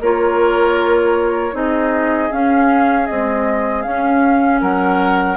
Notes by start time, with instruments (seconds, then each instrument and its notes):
0.00 bassoon A#3, clarinet F4, oboe A#4, flute C#5
1.52 bassoon C4, clarinet D#4, oboe G#4, flute D#5
2.31 clarinet C#4, bassoon C#4, flute F5
3.06 clarinet G#3, bassoon C4, flute D#5
3.82 clarinet C#4, bassoon C#4, flute F5
4.61 bassoon F#3, oboe A#4, flute F#5